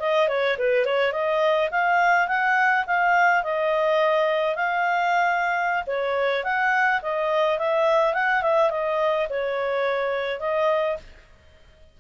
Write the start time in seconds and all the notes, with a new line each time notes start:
0.00 D#5
0.29 C#5
0.58 B4
0.86 C#5
1.13 D#5
1.71 F5
2.28 F#5
2.87 F5
3.44 D#5
4.56 F5
5.87 C#5
6.44 F#5
7.03 D#5
7.59 E5
8.14 F#5
8.43 E5
8.70 D#5
9.30 C#5
10.40 D#5